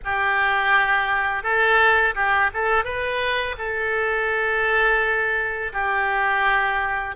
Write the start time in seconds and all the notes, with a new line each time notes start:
0.04 G4
1.43 A4
2.14 G4
2.53 A4
2.84 B4
3.58 A4
5.72 G4